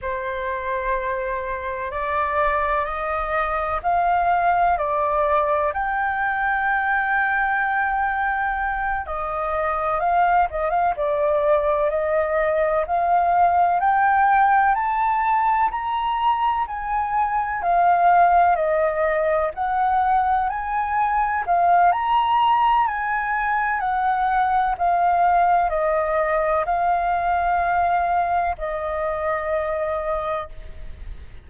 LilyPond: \new Staff \with { instrumentName = "flute" } { \time 4/4 \tempo 4 = 63 c''2 d''4 dis''4 | f''4 d''4 g''2~ | g''4. dis''4 f''8 dis''16 f''16 d''8~ | d''8 dis''4 f''4 g''4 a''8~ |
a''8 ais''4 gis''4 f''4 dis''8~ | dis''8 fis''4 gis''4 f''8 ais''4 | gis''4 fis''4 f''4 dis''4 | f''2 dis''2 | }